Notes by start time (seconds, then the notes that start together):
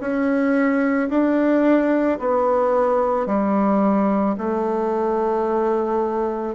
0.00 C#4
1.09 D4
2.19 B3
3.26 G3
4.37 A3